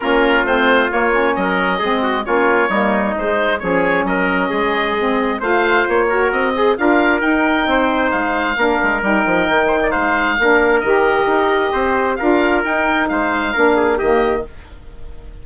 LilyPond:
<<
  \new Staff \with { instrumentName = "oboe" } { \time 4/4 \tempo 4 = 133 ais'4 c''4 cis''4 dis''4~ | dis''4 cis''2 c''4 | cis''4 dis''2. | f''4 cis''4 dis''4 f''4 |
g''2 f''2 | g''2 f''2 | dis''2. f''4 | g''4 f''2 dis''4 | }
  \new Staff \with { instrumentName = "trumpet" } { \time 4/4 f'2. ais'4 | gis'8 fis'8 f'4 dis'2 | gis'4 ais'4 gis'2 | c''4. ais'4 gis'8 ais'4~ |
ais'4 c''2 ais'4~ | ais'4. c''16 d''16 c''4 ais'4~ | ais'2 c''4 ais'4~ | ais'4 c''4 ais'8 gis'8 g'4 | }
  \new Staff \with { instrumentName = "saxophone" } { \time 4/4 cis'4 c'4 ais8 cis'4. | c'4 cis'4 ais4 gis4 | cis'2. c'4 | f'4. fis'4 gis'8 f'4 |
dis'2. d'4 | dis'2. d'4 | g'2. f'4 | dis'2 d'4 ais4 | }
  \new Staff \with { instrumentName = "bassoon" } { \time 4/4 ais4 a4 ais4 fis4 | gis4 ais4 g4 gis4 | f4 fis4 gis2 | a4 ais4 c'4 d'4 |
dis'4 c'4 gis4 ais8 gis8 | g8 f8 dis4 gis4 ais4 | dis4 dis'4 c'4 d'4 | dis'4 gis4 ais4 dis4 | }
>>